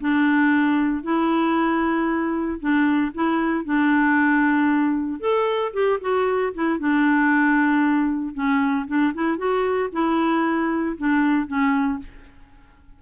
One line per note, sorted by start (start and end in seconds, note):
0.00 1.03 D4
1.03 2.59 E4
2.60 3.12 D4
3.14 3.65 E4
3.65 5.20 D4
5.20 5.72 A4
5.73 5.99 G4
6.01 6.53 F#4
6.54 6.79 E4
6.79 8.34 D4
8.34 8.86 C#4
8.87 9.13 D4
9.14 9.37 E4
9.37 9.89 F#4
9.92 10.97 E4
10.98 11.47 D4
11.47 11.99 C#4